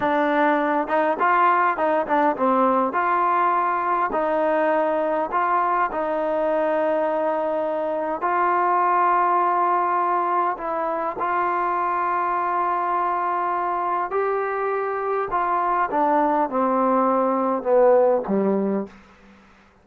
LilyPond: \new Staff \with { instrumentName = "trombone" } { \time 4/4 \tempo 4 = 102 d'4. dis'8 f'4 dis'8 d'8 | c'4 f'2 dis'4~ | dis'4 f'4 dis'2~ | dis'2 f'2~ |
f'2 e'4 f'4~ | f'1 | g'2 f'4 d'4 | c'2 b4 g4 | }